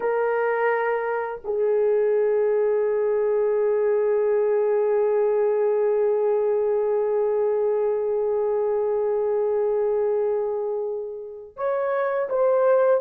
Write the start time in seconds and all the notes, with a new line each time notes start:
0.00 A#4
1.44 G#4
11.56 C#5
12.29 C5